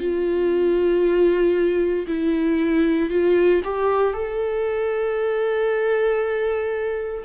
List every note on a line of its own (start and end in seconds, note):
0.00 2.07 F4
2.08 3.10 E4
3.10 3.62 F4
3.65 4.14 G4
4.14 7.24 A4